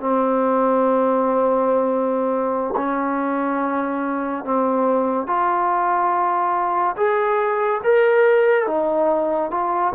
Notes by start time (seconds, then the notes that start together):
0.00 C4
2.76 C#4
4.44 C4
5.27 F4
6.97 G#4
7.84 A#4
8.67 D#4
9.51 F4